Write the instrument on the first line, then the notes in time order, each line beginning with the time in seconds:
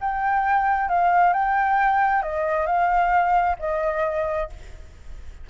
flute
0.00 G5
0.88 F5
1.33 G5
2.22 D#5
2.66 F5
3.59 D#5